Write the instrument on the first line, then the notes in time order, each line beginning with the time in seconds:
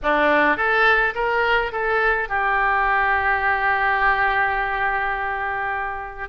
oboe
0.02 D4
0.56 A4
1.15 A#4
1.72 A4
2.28 G4